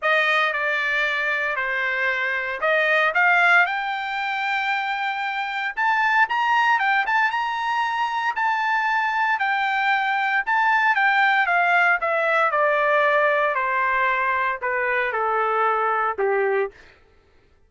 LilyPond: \new Staff \with { instrumentName = "trumpet" } { \time 4/4 \tempo 4 = 115 dis''4 d''2 c''4~ | c''4 dis''4 f''4 g''4~ | g''2. a''4 | ais''4 g''8 a''8 ais''2 |
a''2 g''2 | a''4 g''4 f''4 e''4 | d''2 c''2 | b'4 a'2 g'4 | }